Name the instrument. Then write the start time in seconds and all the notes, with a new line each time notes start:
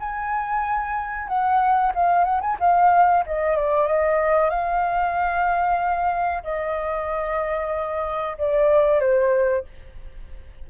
flute
0.00 G#5
1.28 F#5
1.95 F5
2.25 F#5
2.41 G#5
2.60 F5
3.27 D#5
3.57 D5
3.88 D#5
4.50 F5
6.44 D#5
8.38 D5
9.01 C5